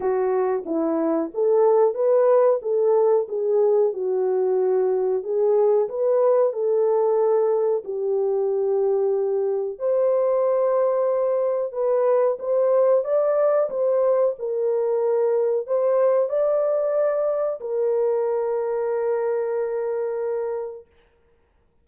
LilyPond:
\new Staff \with { instrumentName = "horn" } { \time 4/4 \tempo 4 = 92 fis'4 e'4 a'4 b'4 | a'4 gis'4 fis'2 | gis'4 b'4 a'2 | g'2. c''4~ |
c''2 b'4 c''4 | d''4 c''4 ais'2 | c''4 d''2 ais'4~ | ais'1 | }